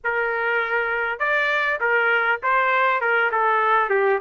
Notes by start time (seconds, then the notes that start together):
0.04 A#4
1.19 D5
1.80 A#4
2.42 C5
3.00 A#4
3.31 A4
3.89 G4